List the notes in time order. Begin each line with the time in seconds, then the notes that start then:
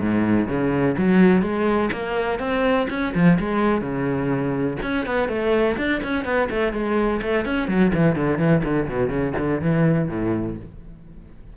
0.00 G#2
0.47 C#3
0.97 F#3
1.41 G#3
1.92 A#3
2.39 C4
2.89 C#4
3.14 F3
3.39 G#3
3.81 C#3
4.82 C#4
5.05 B3
5.28 A3
5.77 D4
6.03 C#4
6.24 B3
6.50 A3
6.72 G#3
7.22 A3
7.45 C#4
7.68 F#3
7.94 E3
8.15 D3
8.38 E3
8.64 D3
8.88 B2
9.09 C#3
9.38 D3
9.61 E3
10.08 A2